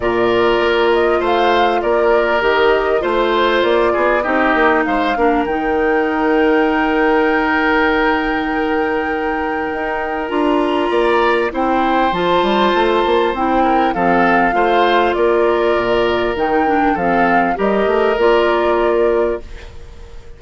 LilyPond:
<<
  \new Staff \with { instrumentName = "flute" } { \time 4/4 \tempo 4 = 99 d''4. dis''8 f''4 d''4 | dis''4 c''4 d''4 dis''4 | f''4 g''2.~ | g''1~ |
g''4 ais''2 g''4 | a''2 g''4 f''4~ | f''4 d''2 g''4 | f''4 dis''4 d''2 | }
  \new Staff \with { instrumentName = "oboe" } { \time 4/4 ais'2 c''4 ais'4~ | ais'4 c''4. gis'8 g'4 | c''8 ais'2.~ ais'8~ | ais'1~ |
ais'2 d''4 c''4~ | c''2~ c''8 ais'8 a'4 | c''4 ais'2. | a'4 ais'2. | }
  \new Staff \with { instrumentName = "clarinet" } { \time 4/4 f'1 | g'4 f'2 dis'4~ | dis'8 d'8 dis'2.~ | dis'1~ |
dis'4 f'2 e'4 | f'2 e'4 c'4 | f'2. dis'8 d'8 | c'4 g'4 f'2 | }
  \new Staff \with { instrumentName = "bassoon" } { \time 4/4 ais,4 ais4 a4 ais4 | dis4 a4 ais8 b8 c'8 ais8 | gis8 ais8 dis2.~ | dis1 |
dis'4 d'4 ais4 c'4 | f8 g8 a8 ais8 c'4 f4 | a4 ais4 ais,4 dis4 | f4 g8 a8 ais2 | }
>>